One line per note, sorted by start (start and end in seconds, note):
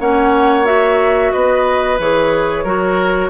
0.00 1.32 A#3
0.00 0.65 C#4
0.00 1.33 C#5
0.00 0.66 F#5
0.65 1.97 F#4
0.65 1.32 E5
1.32 1.99 B3
1.32 2.64 B4
1.32 1.98 D#5
1.99 2.64 E3
1.99 2.66 G#4
1.99 3.31 C#5
2.64 3.30 F#3
2.64 3.31 F#4
2.64 3.30 A#4